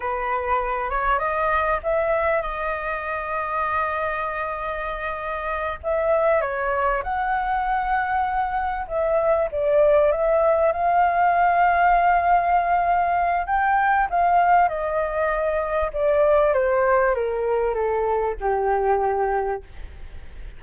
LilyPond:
\new Staff \with { instrumentName = "flute" } { \time 4/4 \tempo 4 = 98 b'4. cis''8 dis''4 e''4 | dis''1~ | dis''4. e''4 cis''4 fis''8~ | fis''2~ fis''8 e''4 d''8~ |
d''8 e''4 f''2~ f''8~ | f''2 g''4 f''4 | dis''2 d''4 c''4 | ais'4 a'4 g'2 | }